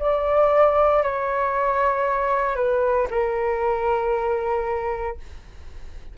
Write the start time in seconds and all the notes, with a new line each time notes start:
0.00 D5
1.03 C#5
2.56 B4
3.11 A#4